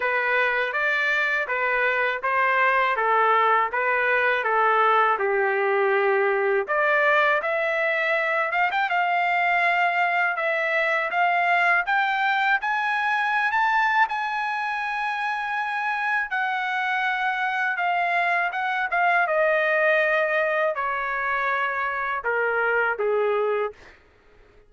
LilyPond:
\new Staff \with { instrumentName = "trumpet" } { \time 4/4 \tempo 4 = 81 b'4 d''4 b'4 c''4 | a'4 b'4 a'4 g'4~ | g'4 d''4 e''4. f''16 g''16 | f''2 e''4 f''4 |
g''4 gis''4~ gis''16 a''8. gis''4~ | gis''2 fis''2 | f''4 fis''8 f''8 dis''2 | cis''2 ais'4 gis'4 | }